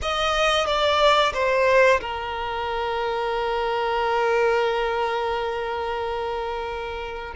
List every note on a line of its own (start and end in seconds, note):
0.02 0.66 D#5
0.66 1.32 D5
1.33 2.00 C5
2.00 7.34 A#4